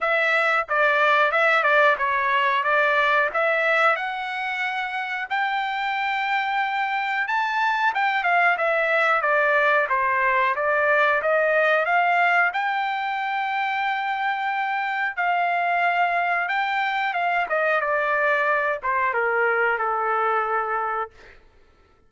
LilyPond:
\new Staff \with { instrumentName = "trumpet" } { \time 4/4 \tempo 4 = 91 e''4 d''4 e''8 d''8 cis''4 | d''4 e''4 fis''2 | g''2. a''4 | g''8 f''8 e''4 d''4 c''4 |
d''4 dis''4 f''4 g''4~ | g''2. f''4~ | f''4 g''4 f''8 dis''8 d''4~ | d''8 c''8 ais'4 a'2 | }